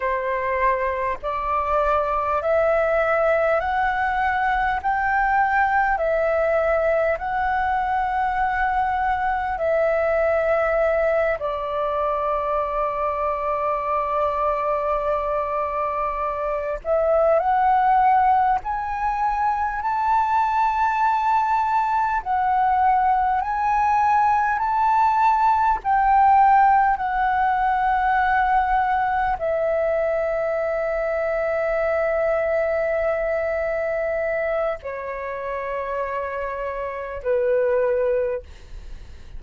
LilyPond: \new Staff \with { instrumentName = "flute" } { \time 4/4 \tempo 4 = 50 c''4 d''4 e''4 fis''4 | g''4 e''4 fis''2 | e''4. d''2~ d''8~ | d''2 e''8 fis''4 gis''8~ |
gis''8 a''2 fis''4 gis''8~ | gis''8 a''4 g''4 fis''4.~ | fis''8 e''2.~ e''8~ | e''4 cis''2 b'4 | }